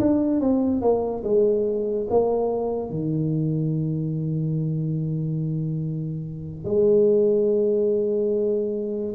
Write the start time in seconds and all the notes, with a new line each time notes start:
0.00 D4
0.41 C4
0.82 A#3
1.24 G#3
2.11 A#3
2.91 D#3
6.65 G#3